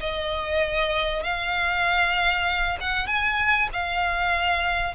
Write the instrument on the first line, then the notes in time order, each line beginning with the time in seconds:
violin
0.00 D#5
1.23 F5
2.80 F#5
3.07 G#5
3.73 F5